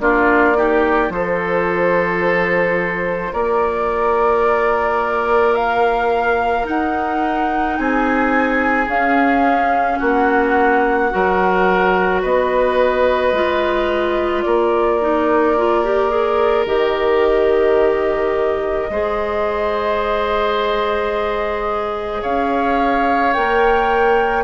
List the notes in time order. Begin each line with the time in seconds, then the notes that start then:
0.00 A#3 D4 F4 D5
0.56 D#4 G4
1.09 F3 F4 A4 C5
3.33 A#3 A#4 D5
5.54 F5
6.64 D#4 F#5
7.77 C4 G#4 G#5
8.87 C#4 F5
9.98 A#3 F#4 F#5
11.11 F#3 F#4 A#4
12.22 B3 B4 D#5
13.33 G#3 F4
14.42 A#3 A#4 D5
15.01 D#4
15.57 F4
15.84 G4
16.10 G#4
16.66 D#3 G4 D#5
18.90 G#3 G#4 C5
22.22 C#4 C#5 F5
23.33 A#3 A#4 G5